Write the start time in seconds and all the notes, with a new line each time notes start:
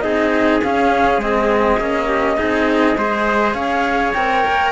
0.00 C4 D#4 G#4 D#5
0.63 C#4 F5
1.17 G#3 C4 D#5
1.78 A#3 C#4
2.07 G4
2.37 C4 D#4 G#4
2.97 G#3 G#4 C5
3.53 C#4 C#5 F5
4.13 C4 A#4 G5
4.47 A#3